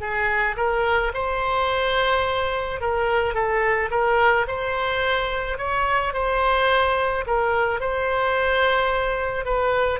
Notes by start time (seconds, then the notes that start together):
0.00 G#4
0.57 A#4
1.14 C5
2.80 A#4
3.34 A4
3.90 A#4
4.47 C5
5.58 C#5
6.13 C5
7.26 A#4
7.80 C5
9.45 B4